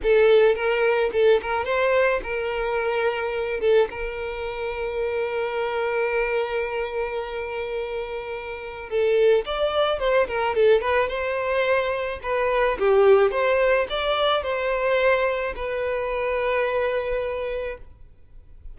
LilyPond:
\new Staff \with { instrumentName = "violin" } { \time 4/4 \tempo 4 = 108 a'4 ais'4 a'8 ais'8 c''4 | ais'2~ ais'8 a'8 ais'4~ | ais'1~ | ais'1 |
a'4 d''4 c''8 ais'8 a'8 b'8 | c''2 b'4 g'4 | c''4 d''4 c''2 | b'1 | }